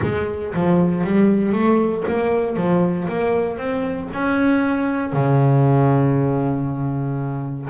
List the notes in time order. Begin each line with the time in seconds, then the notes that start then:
0.02 G#3
0.53 F3
1.04 G3
1.52 A3
2.07 A#3
2.56 F3
3.08 A#3
3.57 C4
4.13 C#4
5.13 C#3